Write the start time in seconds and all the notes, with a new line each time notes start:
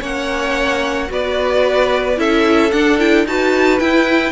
0.00 A#3 C#4 C#5 F#5
1.07 B3 F#4 B4 D5
2.16 C#4 E4 A4 E5
2.71 D4 F#5
2.99 E4 G5
3.26 D#4 F#4 B4 A5
3.79 E4 G5